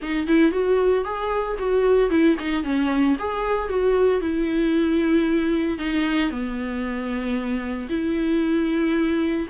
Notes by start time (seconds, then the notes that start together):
0.02 D#4
0.27 E4
0.51 F#4
1.04 G#4
1.58 F#4
2.10 E4
2.39 D#4
2.63 C#4
3.18 G#4
3.68 F#4
4.20 E4
5.78 D#4
6.30 B3
7.89 E4